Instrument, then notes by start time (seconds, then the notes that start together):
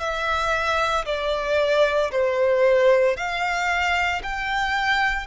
violin
0.00 E5
1.06 D5
2.11 C5
3.16 F5
4.23 G5